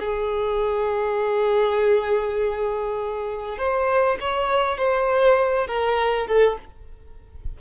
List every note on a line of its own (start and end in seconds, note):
0.00 3.58 G#4
3.58 4.18 C5
4.21 4.78 C#5
4.78 5.68 C5
5.68 6.27 A#4
6.27 6.57 A4